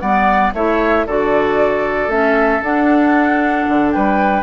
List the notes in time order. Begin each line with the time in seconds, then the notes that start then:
0.00 G3 B3 D5 F#5
0.53 A3 E4 C#5 E5
1.07 D3 F#4 A4 D5
2.07 A3 C#4 E5
2.62 D4 F#5
3.68 D3
3.92 G3 B4 G5